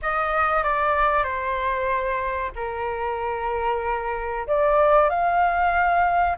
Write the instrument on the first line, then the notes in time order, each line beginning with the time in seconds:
flute
0.02 D#5
0.63 D5
1.23 C5
2.55 A#4
4.47 D5
5.09 F5